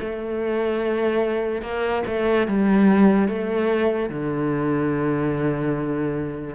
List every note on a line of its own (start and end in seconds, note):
0.00 1.62 A3
1.62 2.03 A#3
2.07 2.48 A3
2.48 3.29 G3
3.29 4.10 A3
4.10 6.55 D3